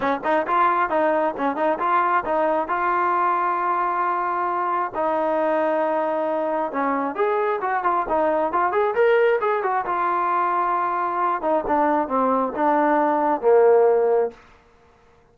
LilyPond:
\new Staff \with { instrumentName = "trombone" } { \time 4/4 \tempo 4 = 134 cis'8 dis'8 f'4 dis'4 cis'8 dis'8 | f'4 dis'4 f'2~ | f'2. dis'4~ | dis'2. cis'4 |
gis'4 fis'8 f'8 dis'4 f'8 gis'8 | ais'4 gis'8 fis'8 f'2~ | f'4. dis'8 d'4 c'4 | d'2 ais2 | }